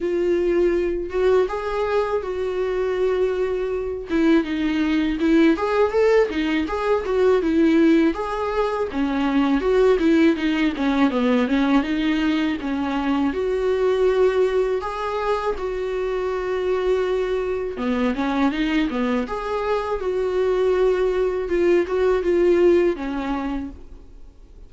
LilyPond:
\new Staff \with { instrumentName = "viola" } { \time 4/4 \tempo 4 = 81 f'4. fis'8 gis'4 fis'4~ | fis'4. e'8 dis'4 e'8 gis'8 | a'8 dis'8 gis'8 fis'8 e'4 gis'4 | cis'4 fis'8 e'8 dis'8 cis'8 b8 cis'8 |
dis'4 cis'4 fis'2 | gis'4 fis'2. | b8 cis'8 dis'8 b8 gis'4 fis'4~ | fis'4 f'8 fis'8 f'4 cis'4 | }